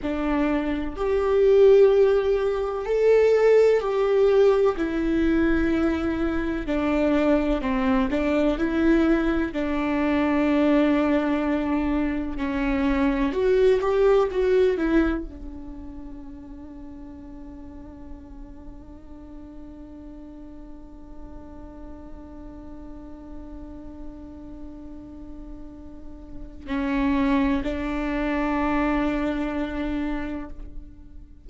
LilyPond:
\new Staff \with { instrumentName = "viola" } { \time 4/4 \tempo 4 = 63 d'4 g'2 a'4 | g'4 e'2 d'4 | c'8 d'8 e'4 d'2~ | d'4 cis'4 fis'8 g'8 fis'8 e'8 |
d'1~ | d'1~ | d'1 | cis'4 d'2. | }